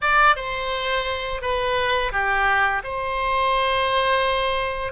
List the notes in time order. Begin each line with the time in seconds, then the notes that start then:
0.01 D5
0.36 C5
1.41 B4
2.11 G4
2.83 C5